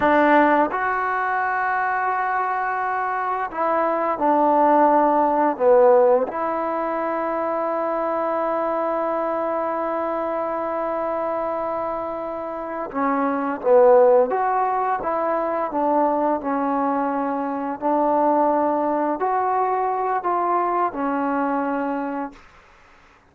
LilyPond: \new Staff \with { instrumentName = "trombone" } { \time 4/4 \tempo 4 = 86 d'4 fis'2.~ | fis'4 e'4 d'2 | b4 e'2.~ | e'1~ |
e'2~ e'8 cis'4 b8~ | b8 fis'4 e'4 d'4 cis'8~ | cis'4. d'2 fis'8~ | fis'4 f'4 cis'2 | }